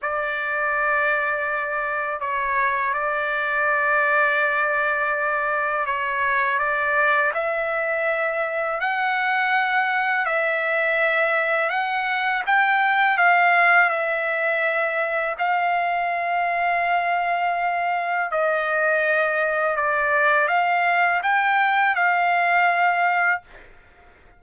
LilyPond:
\new Staff \with { instrumentName = "trumpet" } { \time 4/4 \tempo 4 = 82 d''2. cis''4 | d''1 | cis''4 d''4 e''2 | fis''2 e''2 |
fis''4 g''4 f''4 e''4~ | e''4 f''2.~ | f''4 dis''2 d''4 | f''4 g''4 f''2 | }